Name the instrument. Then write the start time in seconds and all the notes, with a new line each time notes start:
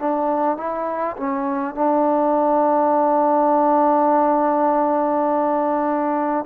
trombone
0.00 D4
0.58 E4
1.18 C#4
1.75 D4